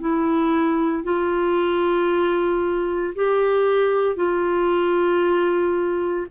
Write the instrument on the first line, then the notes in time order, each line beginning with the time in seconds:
clarinet
0.00 E4
1.03 F4
3.15 G4
4.16 F4